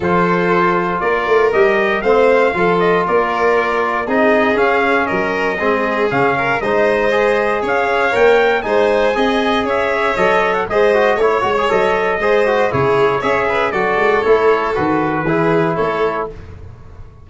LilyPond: <<
  \new Staff \with { instrumentName = "trumpet" } { \time 4/4 \tempo 4 = 118 c''2 d''4 dis''4 | f''4. dis''8 d''2 | dis''4 f''4 dis''2 | f''4 dis''2 f''4 |
g''4 gis''2 e''4 | dis''8. fis''16 dis''4 cis''4 dis''4~ | dis''4 cis''4 e''4 d''4 | cis''4 b'2 cis''4 | }
  \new Staff \with { instrumentName = "violin" } { \time 4/4 a'2 ais'2 | c''4 a'4 ais'2 | gis'2 ais'4 gis'4~ | gis'8 ais'8 c''2 cis''4~ |
cis''4 c''4 dis''4 cis''4~ | cis''4 c''4 cis''2 | c''4 gis'4 cis''8 b'8 a'4~ | a'2 gis'4 a'4 | }
  \new Staff \with { instrumentName = "trombone" } { \time 4/4 f'2. g'4 | c'4 f'2. | dis'4 cis'2 c'4 | cis'4 dis'4 gis'2 |
ais'4 dis'4 gis'2 | a'4 gis'8 fis'8 e'8 fis'16 gis'16 a'4 | gis'8 fis'8 e'4 gis'4 fis'4 | e'4 fis'4 e'2 | }
  \new Staff \with { instrumentName = "tuba" } { \time 4/4 f2 ais8 a8 g4 | a4 f4 ais2 | c'4 cis'4 fis4 gis4 | cis4 gis2 cis'4 |
ais4 gis4 c'4 cis'4 | fis4 gis4 a8 gis8 fis4 | gis4 cis4 cis'4 fis8 gis8 | a4 dis4 e4 a4 | }
>>